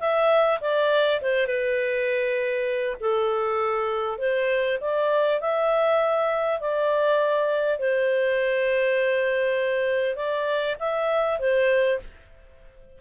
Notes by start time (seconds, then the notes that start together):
0.00 E5
0.61 D5
1.22 C5
1.47 B4
3.00 A4
4.19 C5
4.81 D5
5.41 E5
6.61 D5
7.79 C5
10.16 D5
10.80 E5
11.40 C5